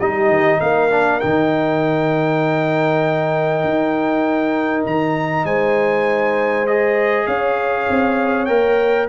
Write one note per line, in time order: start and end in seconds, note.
0.00 0.29 G3
0.00 0.91 D#4
0.00 0.61 G4
0.00 0.61 D#5
0.29 0.60 D#3
0.61 1.21 A#3
0.61 5.46 A#4
0.61 1.20 F5
0.91 1.21 D4
1.20 3.64 D#3
1.20 6.67 D#4
1.20 4.84 G5
3.64 4.85 D#4
4.86 5.45 D#3
4.86 5.46 A#5
5.45 7.27 G#3
5.45 7.27 C5
5.45 6.67 G#5
6.67 8.48 G#4
6.67 7.27 D#5
7.27 7.89 C#4
7.27 9.09 C#5
7.27 8.46 F5
7.90 8.50 C4
8.46 9.10 A#3
8.46 9.09 A#4
8.46 9.07 G5